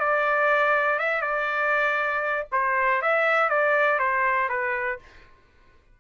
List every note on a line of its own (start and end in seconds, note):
0.00 1.00 D5
1.00 1.22 E5
1.22 2.47 D5
2.52 3.02 C5
3.02 3.50 E5
3.50 4.00 D5
4.00 4.49 C5
4.49 4.99 B4